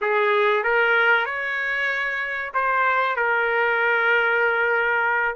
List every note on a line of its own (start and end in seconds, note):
0.01 0.63 G#4
0.63 1.25 A#4
1.25 2.51 C#5
2.53 3.16 C5
3.16 5.35 A#4